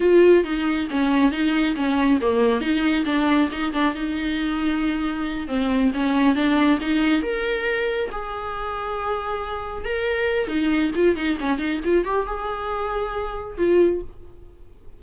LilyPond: \new Staff \with { instrumentName = "viola" } { \time 4/4 \tempo 4 = 137 f'4 dis'4 cis'4 dis'4 | cis'4 ais4 dis'4 d'4 | dis'8 d'8 dis'2.~ | dis'8 c'4 cis'4 d'4 dis'8~ |
dis'8 ais'2 gis'4.~ | gis'2~ gis'8 ais'4. | dis'4 f'8 dis'8 cis'8 dis'8 f'8 g'8 | gis'2. f'4 | }